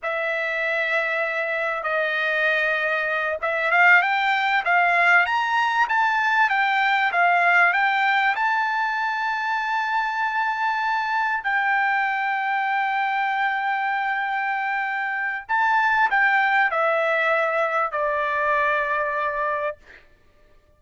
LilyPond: \new Staff \with { instrumentName = "trumpet" } { \time 4/4 \tempo 4 = 97 e''2. dis''4~ | dis''4. e''8 f''8 g''4 f''8~ | f''8 ais''4 a''4 g''4 f''8~ | f''8 g''4 a''2~ a''8~ |
a''2~ a''8 g''4.~ | g''1~ | g''4 a''4 g''4 e''4~ | e''4 d''2. | }